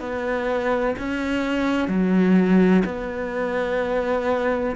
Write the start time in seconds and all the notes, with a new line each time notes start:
0.00 B3
0.99 C#4
1.88 F#3
2.85 B3